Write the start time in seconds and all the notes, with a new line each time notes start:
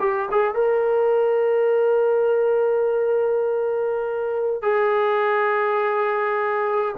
0.00 G4
0.31 G#4
0.55 A#4
4.62 G#4